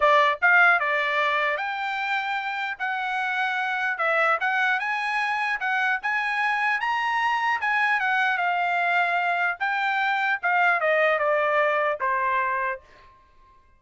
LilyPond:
\new Staff \with { instrumentName = "trumpet" } { \time 4/4 \tempo 4 = 150 d''4 f''4 d''2 | g''2. fis''4~ | fis''2 e''4 fis''4 | gis''2 fis''4 gis''4~ |
gis''4 ais''2 gis''4 | fis''4 f''2. | g''2 f''4 dis''4 | d''2 c''2 | }